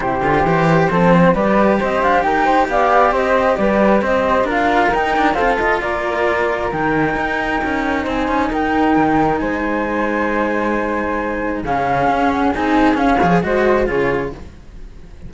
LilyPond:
<<
  \new Staff \with { instrumentName = "flute" } { \time 4/4 \tempo 4 = 134 c''2. d''4 | dis''8 f''8 g''4 f''4 dis''4 | d''4 dis''4 f''4 g''4 | f''8 dis''8 d''2 g''4~ |
g''2 gis''4 g''4~ | g''4 gis''2.~ | gis''2 f''4. fis''8 | gis''4 f''4 dis''4 cis''4 | }
  \new Staff \with { instrumentName = "flute" } { \time 4/4 g'2 a'8 c''8 b'4 | c''4 ais'8 c''8 d''4 c''4 | b'4 c''4 ais'2 | a'4 ais'2.~ |
ais'2 c''4 ais'4~ | ais'4 c''2.~ | c''2 gis'2~ | gis'4. cis''8 c''4 gis'4 | }
  \new Staff \with { instrumentName = "cello" } { \time 4/4 e'8 f'8 g'4 c'4 g'4~ | g'1~ | g'2 f'4 dis'8 d'8 | c'8 f'2~ f'8 dis'4~ |
dis'1~ | dis'1~ | dis'2 cis'2 | dis'4 cis'8 gis'8 fis'4 f'4 | }
  \new Staff \with { instrumentName = "cello" } { \time 4/4 c8 d8 e4 f4 g4 | c'8 d'8 dis'4 b4 c'4 | g4 c'4 d'4 dis'4 | f'4 ais2 dis4 |
dis'4 cis'4 c'8 cis'8 dis'4 | dis4 gis2.~ | gis2 cis4 cis'4 | c'4 cis'8 f8 gis4 cis4 | }
>>